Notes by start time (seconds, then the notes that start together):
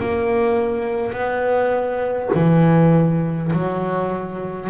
0.00 A#3
1.13 B3
2.35 E3
3.53 F#3